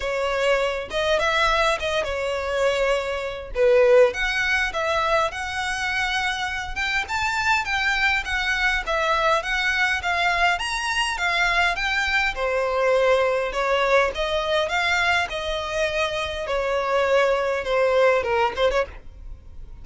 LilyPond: \new Staff \with { instrumentName = "violin" } { \time 4/4 \tempo 4 = 102 cis''4. dis''8 e''4 dis''8 cis''8~ | cis''2 b'4 fis''4 | e''4 fis''2~ fis''8 g''8 | a''4 g''4 fis''4 e''4 |
fis''4 f''4 ais''4 f''4 | g''4 c''2 cis''4 | dis''4 f''4 dis''2 | cis''2 c''4 ais'8 c''16 cis''16 | }